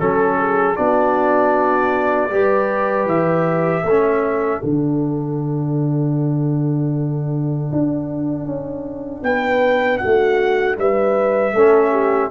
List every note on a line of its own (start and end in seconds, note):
0.00 0.78 F#3
0.00 0.76 C#4
0.00 0.39 A4
0.00 0.76 A4
0.39 0.77 G#4
0.76 2.30 B3
0.76 2.30 D4
0.76 2.31 F#4
0.76 3.07 D5
2.30 3.06 G3
2.30 3.85 G4
2.30 3.85 B4
3.06 3.83 E3
3.06 4.63 E5
3.84 4.61 A3
3.84 9.23 A4
3.90 4.61 C#4
4.61 7.71 D3
4.61 11.54 D4
4.61 9.24 F#5
7.73 8.45 D4
8.45 9.22 C#4
9.23 10.00 B3
9.23 10.01 B4
9.23 9.99 G5
9.99 10.78 F#4
9.99 10.75 F#5
10.05 10.78 A3
10.78 11.54 G3
10.78 11.54 B4
10.78 12.31 E5
11.54 12.31 A3
11.54 12.31 C#4
11.54 11.91 A4
11.91 12.30 G4